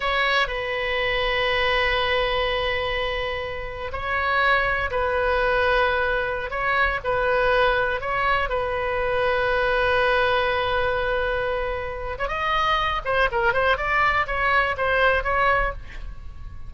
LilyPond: \new Staff \with { instrumentName = "oboe" } { \time 4/4 \tempo 4 = 122 cis''4 b'2.~ | b'1 | cis''2 b'2~ | b'4~ b'16 cis''4 b'4.~ b'16~ |
b'16 cis''4 b'2~ b'8.~ | b'1~ | b'8. cis''16 dis''4. c''8 ais'8 c''8 | d''4 cis''4 c''4 cis''4 | }